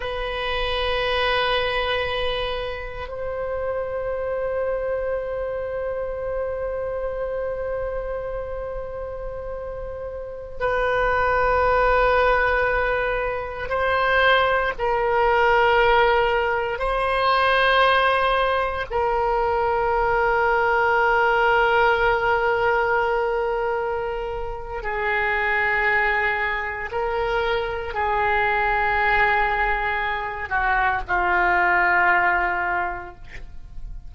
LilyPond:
\new Staff \with { instrumentName = "oboe" } { \time 4/4 \tempo 4 = 58 b'2. c''4~ | c''1~ | c''2~ c''16 b'4.~ b'16~ | b'4~ b'16 c''4 ais'4.~ ais'16~ |
ais'16 c''2 ais'4.~ ais'16~ | ais'1 | gis'2 ais'4 gis'4~ | gis'4. fis'8 f'2 | }